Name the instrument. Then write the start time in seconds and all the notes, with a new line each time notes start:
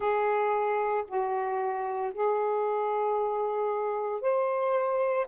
saxophone
0.00 G#4
1.07 F#4
2.13 G#4
4.21 C5